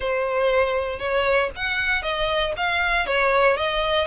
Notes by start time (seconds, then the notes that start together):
0.00 C5
0.99 C#5
1.56 F#5
2.02 D#5
2.56 F5
3.06 C#5
3.56 D#5